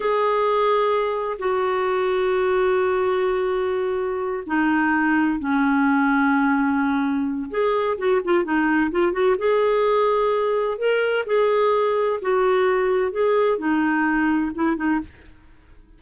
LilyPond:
\new Staff \with { instrumentName = "clarinet" } { \time 4/4 \tempo 4 = 128 gis'2. fis'4~ | fis'1~ | fis'4. dis'2 cis'8~ | cis'1 |
gis'4 fis'8 f'8 dis'4 f'8 fis'8 | gis'2. ais'4 | gis'2 fis'2 | gis'4 dis'2 e'8 dis'8 | }